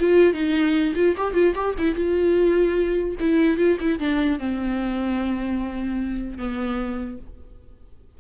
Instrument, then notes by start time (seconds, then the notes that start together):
viola
0.00 F4
0.33 D#4
0.95 F4
1.17 G4
1.34 F4
1.55 G4
1.78 E4
1.95 F4
3.20 E4
3.58 F4
3.80 E4
4.00 D4
4.39 C4
6.38 B3